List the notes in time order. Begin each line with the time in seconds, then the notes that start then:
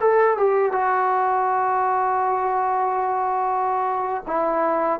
0.00 A4
0.37 G4
0.71 F#4
4.27 E4